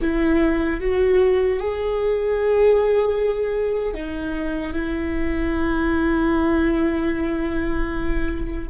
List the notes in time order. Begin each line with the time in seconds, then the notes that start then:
0.01 E4
0.80 F#4
1.59 G#4
3.94 D#4
4.72 E4